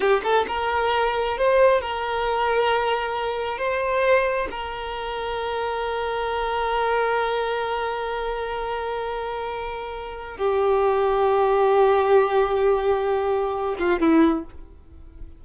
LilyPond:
\new Staff \with { instrumentName = "violin" } { \time 4/4 \tempo 4 = 133 g'8 a'8 ais'2 c''4 | ais'1 | c''2 ais'2~ | ais'1~ |
ais'1~ | ais'2. g'4~ | g'1~ | g'2~ g'8 f'8 e'4 | }